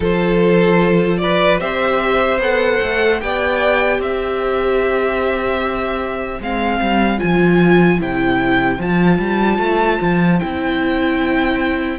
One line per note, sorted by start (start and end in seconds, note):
0.00 1.60 F3
0.00 1.60 F4
0.00 1.19 A4
0.00 1.17 C5
1.17 1.61 B4
1.17 1.57 D5
1.60 2.38 C4
1.60 2.40 G4
1.60 3.21 C5
1.60 2.40 E5
2.38 2.78 B3
2.38 3.20 A4
2.38 3.20 F#5
2.82 3.22 A3
3.20 3.99 B3
3.20 6.40 G4
3.20 3.99 D5
3.20 4.00 G5
3.99 6.39 C4
3.99 11.99 C5
3.99 6.42 E5
6.40 6.80 G#3
6.40 7.18 C4
6.40 7.19 F5
6.80 7.20 G3
7.18 8.00 F3
7.18 7.98 F4
7.18 7.99 G#5
7.98 8.78 C3
7.98 8.78 E4
7.98 8.81 G5
8.78 9.18 F3
8.78 10.39 F4
8.78 10.39 A5
9.18 9.58 G3
9.58 9.98 A3
10.01 10.41 F3
10.39 11.99 C4
10.39 11.99 E4
10.39 11.99 G5